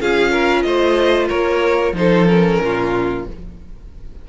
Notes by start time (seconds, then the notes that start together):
0.00 C#4 F4 G#4 F5
0.31 A#4
0.62 A3 C5 D#5
1.27 A#3 A#4 C#5
1.92 F3 D#4 C5
1.99 A4
2.27 C#4 A#4
2.61 A#2 F4